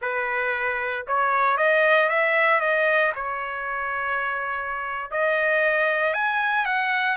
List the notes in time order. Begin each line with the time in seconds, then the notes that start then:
0.01 B4
1.07 C#5
1.57 D#5
2.09 E5
2.60 D#5
3.15 C#5
5.10 D#5
6.13 G#5
6.65 F#5